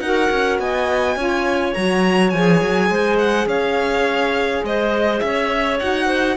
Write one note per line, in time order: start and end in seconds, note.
0.00 0.30 D#4
0.00 1.17 F#4
0.00 0.62 A#4
0.00 0.58 F#5
0.31 0.59 C#4
0.59 1.16 B3
0.59 1.18 D#5
0.59 1.74 G#5
1.16 1.74 C#4
1.16 1.75 F4
1.16 2.91 C#5
1.74 2.33 F#3
1.74 2.34 F#4
1.74 2.30 A#5
2.30 2.61 F3
2.30 5.80 G#4
2.30 3.17 G#5
2.61 2.90 F#3
2.90 3.47 G#3
2.90 3.49 C5
3.19 3.48 F#5
3.47 4.62 C#4
3.47 4.65 C#5
3.47 4.64 F5
4.64 5.22 G#3
4.64 5.24 C5
4.64 5.20 D#5
5.20 5.81 C#4
5.20 6.06 C#5
5.20 5.78 E5
5.80 6.37 D#4
5.80 6.37 F#4
5.80 6.37 F#5
6.06 6.35 C5